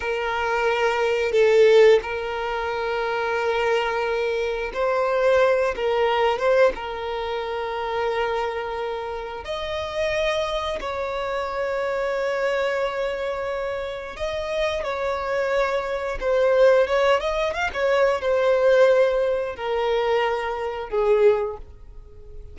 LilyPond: \new Staff \with { instrumentName = "violin" } { \time 4/4 \tempo 4 = 89 ais'2 a'4 ais'4~ | ais'2. c''4~ | c''8 ais'4 c''8 ais'2~ | ais'2 dis''2 |
cis''1~ | cis''4 dis''4 cis''2 | c''4 cis''8 dis''8 f''16 cis''8. c''4~ | c''4 ais'2 gis'4 | }